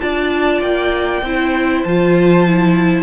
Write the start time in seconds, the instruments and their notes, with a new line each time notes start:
0.00 cello D4, viola F4, violin D5 A5
0.61 cello A#3, violin G5
1.22 cello C4, viola E4, violin C5
1.84 cello F3, viola F4, violin A5
2.47 viola E4